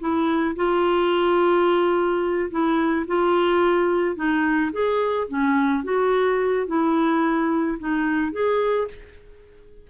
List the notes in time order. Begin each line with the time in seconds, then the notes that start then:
0.00 E4
0.56 F4
2.51 E4
3.07 F4
4.16 D#4
4.72 G#4
5.28 C#4
5.84 F#4
6.67 E4
7.79 D#4
8.33 G#4